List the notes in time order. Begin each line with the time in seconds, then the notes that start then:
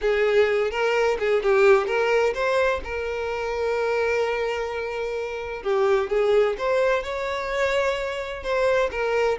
0.01 G#4
0.70 A#4
1.19 G#4
1.42 G4
1.86 A#4
2.34 C5
2.84 A#4
5.62 G4
6.09 G#4
6.58 C5
7.03 C#5
8.43 C5
8.91 A#4